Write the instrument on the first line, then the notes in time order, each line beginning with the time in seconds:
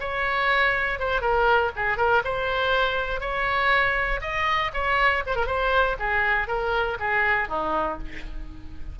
oboe
0.00 C#5
0.99 C5
1.21 A#4
1.76 G#4
1.97 A#4
2.24 C5
3.20 C#5
4.21 D#5
4.73 C#5
5.26 C5
5.35 A#4
5.46 C5
5.99 G#4
6.48 A#4
7.00 G#4
7.48 D#4